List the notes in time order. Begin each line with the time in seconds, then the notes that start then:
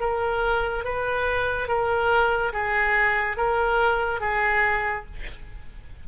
0.00 A#4
0.84 B4
1.68 A#4
2.53 G#4
3.37 A#4
4.21 G#4